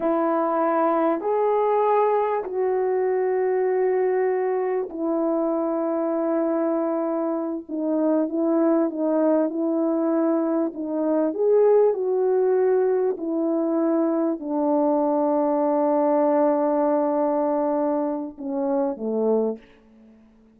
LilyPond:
\new Staff \with { instrumentName = "horn" } { \time 4/4 \tempo 4 = 98 e'2 gis'2 | fis'1 | e'1~ | e'8 dis'4 e'4 dis'4 e'8~ |
e'4. dis'4 gis'4 fis'8~ | fis'4. e'2 d'8~ | d'1~ | d'2 cis'4 a4 | }